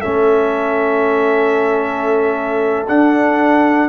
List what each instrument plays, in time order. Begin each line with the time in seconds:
0.00 tuba A3, trombone C#4, horn A4, trumpet E5
2.87 trombone D4, tuba D4, trumpet F#5